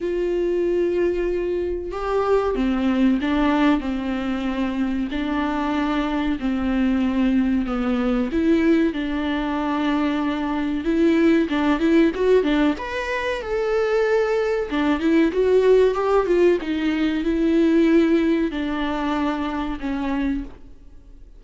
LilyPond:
\new Staff \with { instrumentName = "viola" } { \time 4/4 \tempo 4 = 94 f'2. g'4 | c'4 d'4 c'2 | d'2 c'2 | b4 e'4 d'2~ |
d'4 e'4 d'8 e'8 fis'8 d'8 | b'4 a'2 d'8 e'8 | fis'4 g'8 f'8 dis'4 e'4~ | e'4 d'2 cis'4 | }